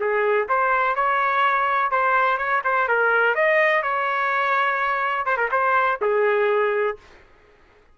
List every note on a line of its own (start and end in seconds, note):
0.00 0.48 G#4
0.49 0.96 C5
0.96 1.91 C#5
1.91 2.38 C5
2.38 2.62 C#5
2.64 2.88 C5
2.88 3.35 A#4
3.35 3.83 D#5
3.83 5.26 C#5
5.26 5.37 C5
5.37 5.49 A#4
5.52 6.00 C5
6.02 6.98 G#4